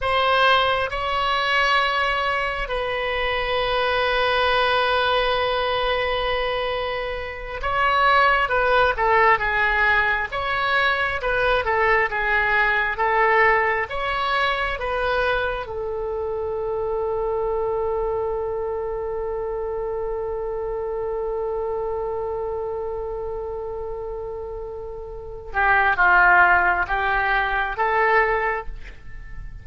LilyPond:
\new Staff \with { instrumentName = "oboe" } { \time 4/4 \tempo 4 = 67 c''4 cis''2 b'4~ | b'1~ | b'8 cis''4 b'8 a'8 gis'4 cis''8~ | cis''8 b'8 a'8 gis'4 a'4 cis''8~ |
cis''8 b'4 a'2~ a'8~ | a'1~ | a'1~ | a'8 g'8 f'4 g'4 a'4 | }